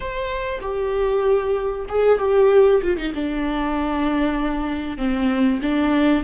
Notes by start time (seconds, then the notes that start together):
0.00 C5
0.61 G4
1.88 G#4
2.18 G4
2.82 F4
2.97 D#4
3.14 D4
4.97 C4
5.61 D4